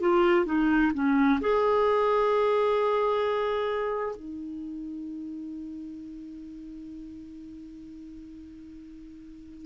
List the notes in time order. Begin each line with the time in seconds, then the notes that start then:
0.00 F4
0.45 D#4
0.94 C#4
1.40 G#4
4.16 D#4